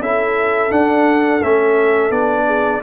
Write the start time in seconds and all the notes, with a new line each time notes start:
0.00 C#4 E4 A4 E5
0.70 D4 F#5
1.43 A3 C#4 E5
2.11 B3 D4 D5
2.46 G#4